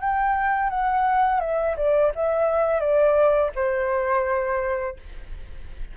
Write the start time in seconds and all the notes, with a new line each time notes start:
0.00 G5
0.69 F#5
1.40 E5
1.76 D5
2.14 E5
2.80 D5
3.55 C5